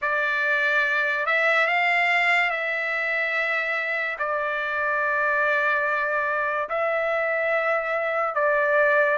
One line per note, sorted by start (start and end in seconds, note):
0.02 1.26 D5
1.26 1.67 E5
1.67 2.50 F5
2.50 4.17 E5
4.19 6.69 D5
6.69 8.34 E5
8.34 9.17 D5